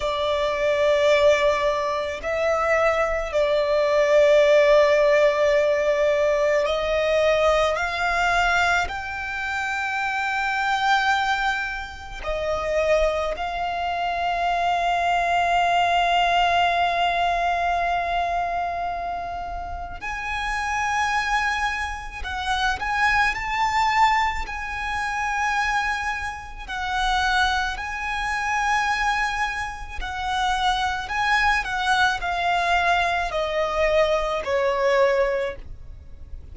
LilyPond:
\new Staff \with { instrumentName = "violin" } { \time 4/4 \tempo 4 = 54 d''2 e''4 d''4~ | d''2 dis''4 f''4 | g''2. dis''4 | f''1~ |
f''2 gis''2 | fis''8 gis''8 a''4 gis''2 | fis''4 gis''2 fis''4 | gis''8 fis''8 f''4 dis''4 cis''4 | }